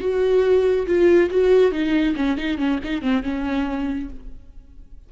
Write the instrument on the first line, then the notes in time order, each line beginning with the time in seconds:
viola
0.00 F#4
0.87 F4
1.30 F#4
1.72 D#4
2.16 C#4
2.38 D#4
2.58 C#4
2.84 D#4
3.02 C4
3.23 C#4